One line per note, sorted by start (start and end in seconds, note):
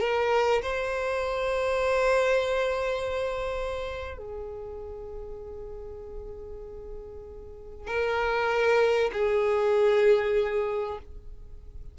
0.00 0.62 A#4
0.62 4.18 C5
4.18 7.87 G#4
7.87 9.11 A#4
9.13 10.99 G#4